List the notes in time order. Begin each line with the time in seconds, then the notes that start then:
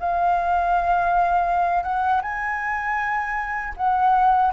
0.00 F5
1.84 F#5
2.22 G#5
3.77 F#5